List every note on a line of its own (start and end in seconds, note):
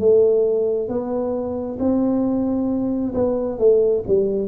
0.00 0.89 A3
0.89 1.78 B3
1.80 3.14 C4
3.15 3.59 B3
3.59 4.04 A3
4.08 4.48 G3